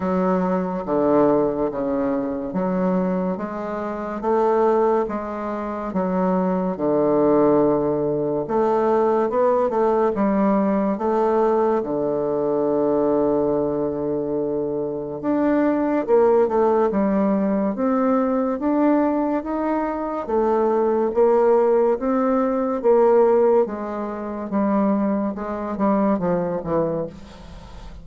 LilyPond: \new Staff \with { instrumentName = "bassoon" } { \time 4/4 \tempo 4 = 71 fis4 d4 cis4 fis4 | gis4 a4 gis4 fis4 | d2 a4 b8 a8 | g4 a4 d2~ |
d2 d'4 ais8 a8 | g4 c'4 d'4 dis'4 | a4 ais4 c'4 ais4 | gis4 g4 gis8 g8 f8 e8 | }